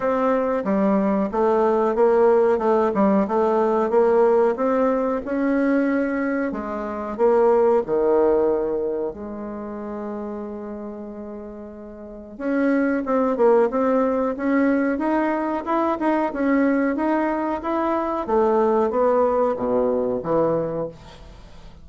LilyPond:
\new Staff \with { instrumentName = "bassoon" } { \time 4/4 \tempo 4 = 92 c'4 g4 a4 ais4 | a8 g8 a4 ais4 c'4 | cis'2 gis4 ais4 | dis2 gis2~ |
gis2. cis'4 | c'8 ais8 c'4 cis'4 dis'4 | e'8 dis'8 cis'4 dis'4 e'4 | a4 b4 b,4 e4 | }